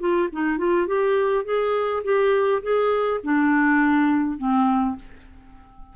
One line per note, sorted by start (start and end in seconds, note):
0.00 0.29 F4
0.33 0.58 D#4
0.58 0.87 F4
0.88 1.45 G4
1.45 2.03 G#4
2.04 2.63 G4
2.63 3.21 G#4
3.24 4.38 D4
4.38 4.96 C4